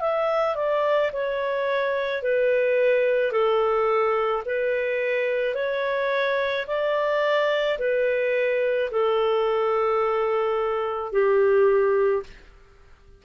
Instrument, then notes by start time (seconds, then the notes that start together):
clarinet
0.00 E5
0.56 D5
1.13 C#5
2.22 B4
3.31 A4
4.45 B4
5.55 C#5
6.67 D5
7.78 B4
8.91 A4
11.12 G4